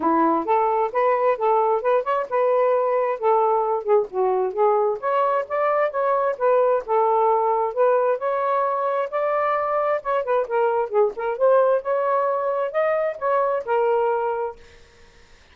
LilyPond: \new Staff \with { instrumentName = "saxophone" } { \time 4/4 \tempo 4 = 132 e'4 a'4 b'4 a'4 | b'8 cis''8 b'2 a'4~ | a'8 gis'8 fis'4 gis'4 cis''4 | d''4 cis''4 b'4 a'4~ |
a'4 b'4 cis''2 | d''2 cis''8 b'8 ais'4 | gis'8 ais'8 c''4 cis''2 | dis''4 cis''4 ais'2 | }